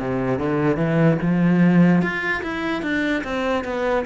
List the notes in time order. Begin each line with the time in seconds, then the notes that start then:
0.00 C3
0.39 D3
0.77 E3
1.22 F3
2.02 F4
2.43 E4
2.83 D4
3.24 C4
3.65 B3